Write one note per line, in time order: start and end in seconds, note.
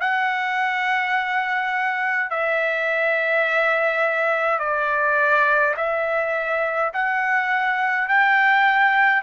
0.00 2.30 F#5
2.30 4.59 E5
4.59 5.74 D5
5.76 6.92 E5
6.93 8.08 F#5
8.08 9.23 G5